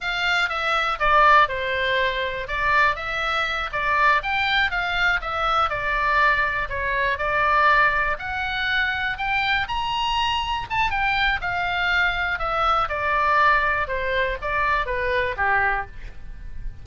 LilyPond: \new Staff \with { instrumentName = "oboe" } { \time 4/4 \tempo 4 = 121 f''4 e''4 d''4 c''4~ | c''4 d''4 e''4. d''8~ | d''8 g''4 f''4 e''4 d''8~ | d''4. cis''4 d''4.~ |
d''8 fis''2 g''4 ais''8~ | ais''4. a''8 g''4 f''4~ | f''4 e''4 d''2 | c''4 d''4 b'4 g'4 | }